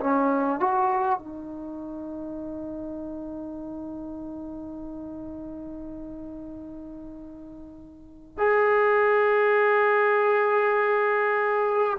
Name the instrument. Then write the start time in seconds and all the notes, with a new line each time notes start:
trombone
0.00 C#4
0.60 F#4
1.18 D#4
8.38 G#4